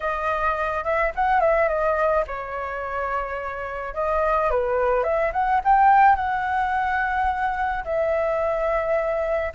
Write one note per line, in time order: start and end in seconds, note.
0.00 0.84 D#5
0.84 1.12 E5
1.15 1.40 F#5
1.40 1.68 E5
1.68 2.24 D#5
2.27 3.94 C#5
3.94 4.50 D#5
4.50 5.03 B4
5.03 5.31 E5
5.32 5.60 F#5
5.64 6.15 G5
6.15 7.84 F#5
7.84 9.52 E5